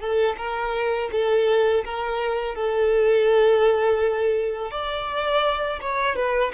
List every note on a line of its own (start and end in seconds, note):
0.00 0.36 A4
0.37 1.09 A#4
1.12 1.84 A4
1.84 2.55 A#4
2.55 4.71 A4
4.71 5.79 D5
5.81 6.16 C#5
6.16 6.52 B4